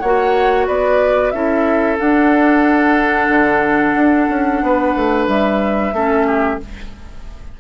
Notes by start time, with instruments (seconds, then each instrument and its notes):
0.00 bassoon A#3, clarinet F#4, oboe C#5, flute F#5
0.67 bassoon B3, oboe B4, flute D5
1.31 bassoon C#4, clarinet E4, oboe A4, flute E5
1.98 clarinet D4, bassoon D4, flute F#5
3.29 bassoon D3
3.95 bassoon D4
4.30 bassoon C#4
4.62 bassoon B3, oboe B4
4.96 bassoon A3
5.28 bassoon G3, flute E5
5.93 bassoon A3, clarinet C#4, oboe A4
6.27 oboe G4